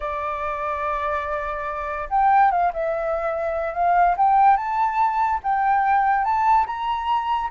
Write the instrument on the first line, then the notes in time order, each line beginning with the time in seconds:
flute
0.00 D5
2.09 G5
2.51 F5
2.73 E5
3.74 F5
4.17 G5
4.56 A5
5.43 G5
6.24 A5
6.66 A#5